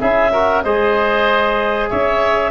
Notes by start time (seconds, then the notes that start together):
0.00 C#4 E4 G#4 E5
0.32 F#4 A#4
0.63 G#3 G#4 C5 D#5
1.90 C#4 C#5 E5